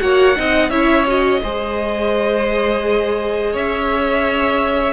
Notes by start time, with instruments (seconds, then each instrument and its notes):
0.00 cello A#3, viola F#4, violin C#5 F#5
0.36 cello C4, viola D#4, violin D#5
0.70 cello C#4, viola E4, violin C#5 E5
1.07 viola F#4, violin D#5
1.43 cello G#3, viola G#4, violin C5
3.53 cello C#4, violin C#5 E5